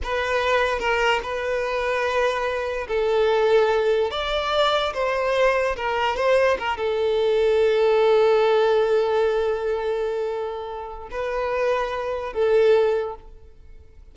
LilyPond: \new Staff \with { instrumentName = "violin" } { \time 4/4 \tempo 4 = 146 b'2 ais'4 b'4~ | b'2. a'4~ | a'2 d''2 | c''2 ais'4 c''4 |
ais'8 a'2.~ a'8~ | a'1~ | a'2. b'4~ | b'2 a'2 | }